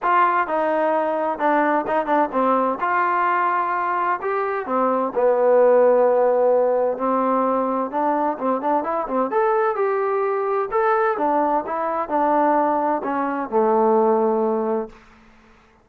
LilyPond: \new Staff \with { instrumentName = "trombone" } { \time 4/4 \tempo 4 = 129 f'4 dis'2 d'4 | dis'8 d'8 c'4 f'2~ | f'4 g'4 c'4 b4~ | b2. c'4~ |
c'4 d'4 c'8 d'8 e'8 c'8 | a'4 g'2 a'4 | d'4 e'4 d'2 | cis'4 a2. | }